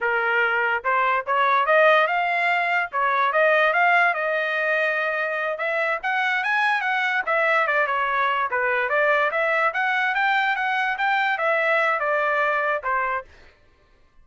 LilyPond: \new Staff \with { instrumentName = "trumpet" } { \time 4/4 \tempo 4 = 145 ais'2 c''4 cis''4 | dis''4 f''2 cis''4 | dis''4 f''4 dis''2~ | dis''4. e''4 fis''4 gis''8~ |
gis''8 fis''4 e''4 d''8 cis''4~ | cis''8 b'4 d''4 e''4 fis''8~ | fis''8 g''4 fis''4 g''4 e''8~ | e''4 d''2 c''4 | }